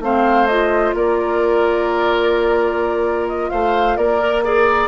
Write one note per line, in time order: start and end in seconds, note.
0.00 0.93 A3
0.00 0.49 C4
0.00 0.96 C5
0.00 0.47 F5
0.47 4.20 F4
0.47 0.93 D#5
0.94 3.50 A#3
0.94 3.51 A#4
0.94 3.28 D5
3.28 3.50 D#5
3.50 3.97 A3
3.50 3.97 C5
3.50 3.96 F5
3.96 4.88 A#3
3.96 4.44 A#4
3.96 4.43 D5
4.20 4.43 A#4
4.44 4.88 G#4
4.44 4.88 A#4
4.44 4.88 D5